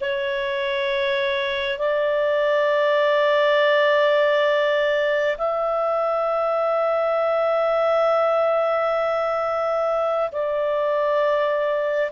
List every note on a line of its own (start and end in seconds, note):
0.00 1.78 C#5
1.78 5.36 D5
5.38 10.30 E5
10.31 12.11 D5